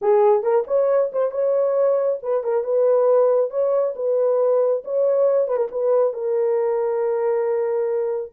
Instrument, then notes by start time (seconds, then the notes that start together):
horn
0.01 G#4
0.42 A#4
0.67 C#5
1.12 C5
1.31 C#5
2.22 B4
2.43 A#4
2.63 B4
3.50 C#5
3.95 B4
4.84 C#5
5.48 B4
5.56 A#4
5.71 B4
6.13 A#4